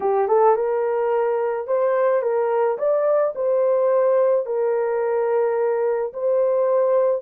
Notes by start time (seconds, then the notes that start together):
0.00 G4
0.28 A4
0.56 A#4
1.67 C5
2.22 A#4
2.78 D5
3.35 C5
4.46 A#4
6.13 C5